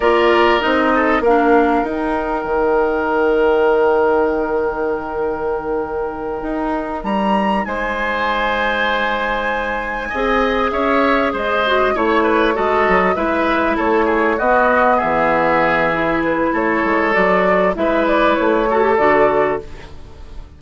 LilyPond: <<
  \new Staff \with { instrumentName = "flute" } { \time 4/4 \tempo 4 = 98 d''4 dis''4 f''4 g''4~ | g''1~ | g''2.~ g''8 ais''8~ | ais''8 gis''2.~ gis''8~ |
gis''4. e''4 dis''4 cis''8~ | cis''8 dis''4 e''4 cis''4 dis''8~ | dis''8 e''2 b'8 cis''4 | d''4 e''8 d''8 cis''4 d''4 | }
  \new Staff \with { instrumentName = "oboe" } { \time 4/4 ais'4. a'8 ais'2~ | ais'1~ | ais'1~ | ais'8 c''2.~ c''8~ |
c''8 dis''4 cis''4 c''4 cis''8 | b'8 a'4 b'4 a'8 gis'8 fis'8~ | fis'8 gis'2~ gis'8 a'4~ | a'4 b'4. a'4. | }
  \new Staff \with { instrumentName = "clarinet" } { \time 4/4 f'4 dis'4 d'4 dis'4~ | dis'1~ | dis'1~ | dis'1~ |
dis'8 gis'2~ gis'8 fis'8 e'8~ | e'8 fis'4 e'2 b8~ | b2 e'2 | fis'4 e'4. fis'16 g'16 fis'4 | }
  \new Staff \with { instrumentName = "bassoon" } { \time 4/4 ais4 c'4 ais4 dis'4 | dis1~ | dis2~ dis8 dis'4 g8~ | g8 gis2.~ gis8~ |
gis8 c'4 cis'4 gis4 a8~ | a8 gis8 fis8 gis4 a4 b8~ | b8 e2~ e8 a8 gis8 | fis4 gis4 a4 d4 | }
>>